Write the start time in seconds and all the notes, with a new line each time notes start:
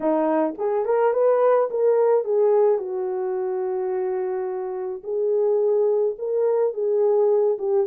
0.00 D#4
0.58 G#4
0.85 A#4
1.13 B4
1.70 A#4
2.24 G#4
2.78 F#4
5.03 G#4
6.18 A#4
6.73 G#4
7.58 G4